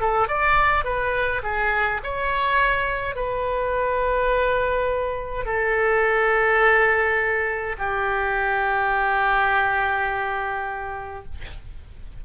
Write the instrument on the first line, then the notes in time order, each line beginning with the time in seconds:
oboe
0.00 A4
0.27 D5
0.84 B4
1.43 G#4
2.03 C#5
3.15 B4
5.45 A4
7.78 G4